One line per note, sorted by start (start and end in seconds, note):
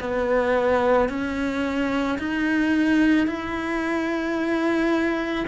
0.00 1.09 B3
1.09 2.18 C#4
2.18 3.27 D#4
3.27 5.45 E4